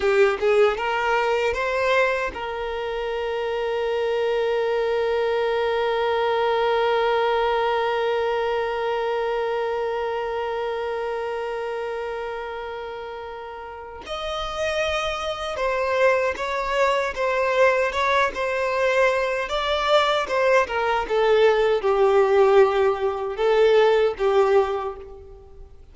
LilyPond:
\new Staff \with { instrumentName = "violin" } { \time 4/4 \tempo 4 = 77 g'8 gis'8 ais'4 c''4 ais'4~ | ais'1~ | ais'1~ | ais'1~ |
ais'2 dis''2 | c''4 cis''4 c''4 cis''8 c''8~ | c''4 d''4 c''8 ais'8 a'4 | g'2 a'4 g'4 | }